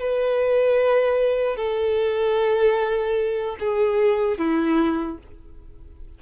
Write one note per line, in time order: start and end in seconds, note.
0.00 1.57 B4
1.57 3.57 A4
3.60 4.39 G#4
4.39 5.19 E4